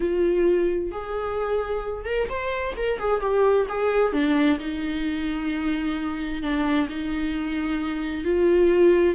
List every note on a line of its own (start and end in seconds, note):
0.00 0.91 F4
0.91 2.05 G#4
2.05 2.28 A#4
2.29 2.74 C5
2.76 2.99 A#4
2.99 3.20 G#4
3.20 3.66 G4
3.68 4.12 G#4
4.12 4.58 D4
4.59 6.42 D#4
6.42 6.88 D4
6.89 8.24 D#4
8.24 9.14 F4